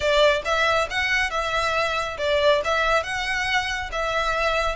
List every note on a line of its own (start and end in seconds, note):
0.00 0.42 D5
0.44 0.88 E5
0.90 1.30 F#5
1.30 2.17 E5
2.18 2.61 D5
2.64 3.03 E5
3.03 3.90 F#5
3.92 4.75 E5